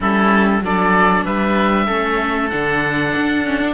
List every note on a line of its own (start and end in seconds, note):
0.00 0.61 G3
0.00 0.61 C#4
0.00 0.63 E4
0.00 0.64 A4
0.61 1.23 F#3
0.61 1.87 D4
0.61 1.25 A4
0.61 1.25 D5
1.25 1.87 G3
1.25 1.86 B4
1.25 2.49 E5
1.86 2.51 A3
1.86 2.50 C#4
1.86 3.73 A4
2.49 3.15 D3
2.49 3.45 D4
2.49 3.73 F#5
3.16 3.73 D4
3.45 3.60 C#4
3.60 3.73 D4